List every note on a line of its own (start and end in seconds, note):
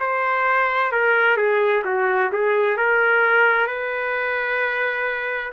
0.00 0.92 C5
0.92 1.37 A#4
1.37 1.83 G#4
1.85 2.31 F#4
2.32 2.77 G#4
2.77 3.67 A#4
3.67 5.52 B4